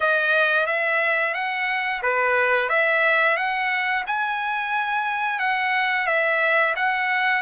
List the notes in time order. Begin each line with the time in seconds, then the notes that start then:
0.00 D#5
0.66 E5
1.34 F#5
2.02 B4
2.69 E5
3.36 F#5
4.06 G#5
5.39 F#5
6.06 E5
6.75 F#5